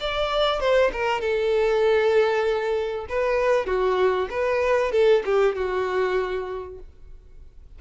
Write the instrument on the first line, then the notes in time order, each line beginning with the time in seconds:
violin
0.00 D5
0.60 C5
0.92 A#4
1.21 A4
3.09 B4
3.66 F#4
4.30 B4
4.91 A4
5.25 G4
5.55 F#4